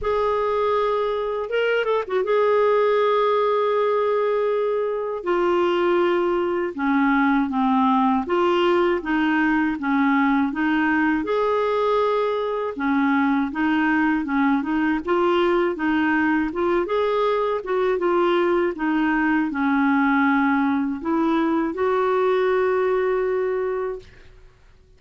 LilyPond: \new Staff \with { instrumentName = "clarinet" } { \time 4/4 \tempo 4 = 80 gis'2 ais'8 a'16 fis'16 gis'4~ | gis'2. f'4~ | f'4 cis'4 c'4 f'4 | dis'4 cis'4 dis'4 gis'4~ |
gis'4 cis'4 dis'4 cis'8 dis'8 | f'4 dis'4 f'8 gis'4 fis'8 | f'4 dis'4 cis'2 | e'4 fis'2. | }